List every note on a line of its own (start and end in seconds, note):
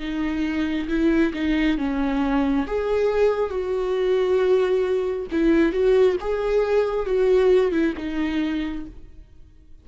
0.00 0.88 D#4
0.89 1.33 E4
1.34 1.78 D#4
1.78 2.66 C#4
2.67 3.51 G#4
3.51 5.27 F#4
5.32 5.73 E4
5.73 6.17 F#4
6.21 7.06 G#4
7.06 7.72 F#4
7.72 7.94 E4
7.98 8.86 D#4